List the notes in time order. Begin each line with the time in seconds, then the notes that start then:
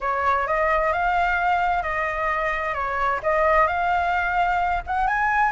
0.00 C#5
0.47 D#5
0.92 F5
1.82 D#5
2.73 C#5
3.22 D#5
3.67 F5
4.87 F#5
5.07 G#5